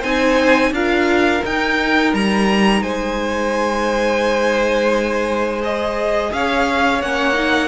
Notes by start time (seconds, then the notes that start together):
0.00 C4 D#4 C5 G#5
0.70 D4 F4 A#4 F5
1.42 D#4 G5
2.13 G3 A#5
2.81 G#3 C5 G#5
5.61 G#4 D#5
6.32 C#4 C#5 F5
7.02 A#3 C#4 F#5
7.33 D#4